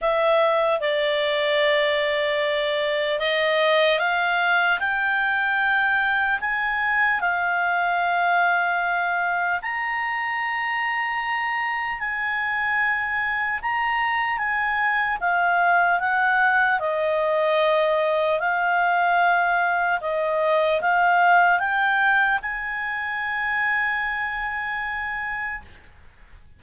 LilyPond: \new Staff \with { instrumentName = "clarinet" } { \time 4/4 \tempo 4 = 75 e''4 d''2. | dis''4 f''4 g''2 | gis''4 f''2. | ais''2. gis''4~ |
gis''4 ais''4 gis''4 f''4 | fis''4 dis''2 f''4~ | f''4 dis''4 f''4 g''4 | gis''1 | }